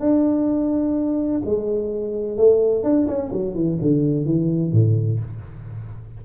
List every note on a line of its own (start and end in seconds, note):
0.00 1.42 D4
1.45 2.37 G#3
2.37 2.84 A3
2.84 3.07 D4
3.08 3.32 C#4
3.33 3.55 F#3
3.55 3.78 E3
3.82 4.26 D3
4.26 4.73 E3
4.73 5.20 A2